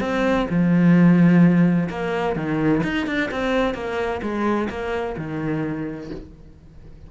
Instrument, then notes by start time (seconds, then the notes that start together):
cello
0.00 C4
0.49 F3
1.89 A#3
2.35 D#3
2.83 D#4
3.06 D4
3.31 C4
3.74 A#3
4.22 G#3
4.69 A#3
5.17 D#3